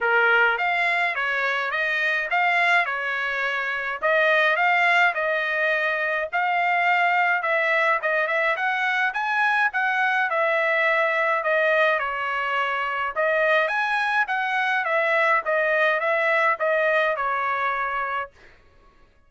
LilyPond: \new Staff \with { instrumentName = "trumpet" } { \time 4/4 \tempo 4 = 105 ais'4 f''4 cis''4 dis''4 | f''4 cis''2 dis''4 | f''4 dis''2 f''4~ | f''4 e''4 dis''8 e''8 fis''4 |
gis''4 fis''4 e''2 | dis''4 cis''2 dis''4 | gis''4 fis''4 e''4 dis''4 | e''4 dis''4 cis''2 | }